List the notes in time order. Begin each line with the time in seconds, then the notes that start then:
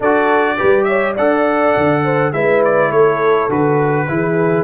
0.00 D4 F#4 A4 D5
0.57 G3 G4 B4
0.84 C#5 E5
1.14 D4 A4 D5 F#5
1.77 D3
2.04 C5
2.32 G#3 E4 B4 E5
2.64 D5
2.90 A3 A4 C#5
3.49 D3 F#4 B4
4.07 E3 E4 G#4